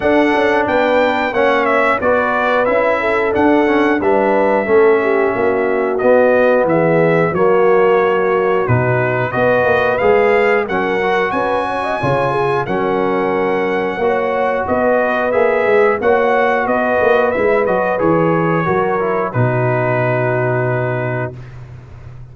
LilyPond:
<<
  \new Staff \with { instrumentName = "trumpet" } { \time 4/4 \tempo 4 = 90 fis''4 g''4 fis''8 e''8 d''4 | e''4 fis''4 e''2~ | e''4 dis''4 e''4 cis''4~ | cis''4 b'4 dis''4 f''4 |
fis''4 gis''2 fis''4~ | fis''2 dis''4 e''4 | fis''4 dis''4 e''8 dis''8 cis''4~ | cis''4 b'2. | }
  \new Staff \with { instrumentName = "horn" } { \time 4/4 a'4 b'4 cis''4 b'4~ | b'8 a'4. b'4 a'8 g'8 | fis'2 gis'4 fis'4~ | fis'2 b'2 |
ais'4 b'8 cis''16 dis''16 cis''8 gis'8 ais'4~ | ais'4 cis''4 b'2 | cis''4 b'2. | ais'4 fis'2. | }
  \new Staff \with { instrumentName = "trombone" } { \time 4/4 d'2 cis'4 fis'4 | e'4 d'8 cis'8 d'4 cis'4~ | cis'4 b2 ais4~ | ais4 dis'4 fis'4 gis'4 |
cis'8 fis'4. f'4 cis'4~ | cis'4 fis'2 gis'4 | fis'2 e'8 fis'8 gis'4 | fis'8 e'8 dis'2. | }
  \new Staff \with { instrumentName = "tuba" } { \time 4/4 d'8 cis'8 b4 ais4 b4 | cis'4 d'4 g4 a4 | ais4 b4 e4 fis4~ | fis4 b,4 b8 ais8 gis4 |
fis4 cis'4 cis4 fis4~ | fis4 ais4 b4 ais8 gis8 | ais4 b8 ais8 gis8 fis8 e4 | fis4 b,2. | }
>>